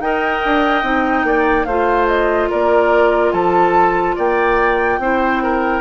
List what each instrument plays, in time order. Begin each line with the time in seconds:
0.00 bassoon D#4, clarinet A#4, oboe D#5, flute G5
0.45 bassoon D4
0.83 bassoon C4, clarinet D#4
1.24 bassoon A#3, oboe D5
1.65 bassoon A3, clarinet F4, oboe C5, flute F5
2.07 flute D#5
2.50 bassoon A#3, oboe A#4, flute D5
3.32 bassoon F3, oboe A4, flute A5
4.16 bassoon A#3, oboe D5, flute G5
4.99 bassoon C4, clarinet E4, oboe C5
5.43 oboe A#4